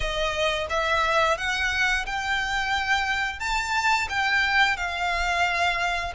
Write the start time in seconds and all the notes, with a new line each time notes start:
0.00 D#5
0.69 E5
1.37 F#5
2.06 G5
3.39 A5
4.09 G5
4.76 F5